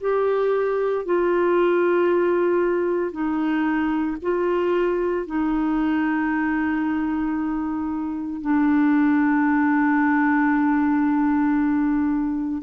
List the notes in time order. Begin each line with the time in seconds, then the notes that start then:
0.00 G4
1.05 F4
3.11 D#4
4.22 F4
5.26 D#4
8.41 D4